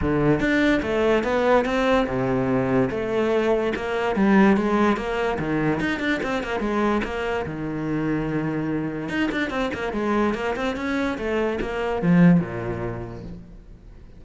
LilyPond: \new Staff \with { instrumentName = "cello" } { \time 4/4 \tempo 4 = 145 d4 d'4 a4 b4 | c'4 c2 a4~ | a4 ais4 g4 gis4 | ais4 dis4 dis'8 d'8 c'8 ais8 |
gis4 ais4 dis2~ | dis2 dis'8 d'8 c'8 ais8 | gis4 ais8 c'8 cis'4 a4 | ais4 f4 ais,2 | }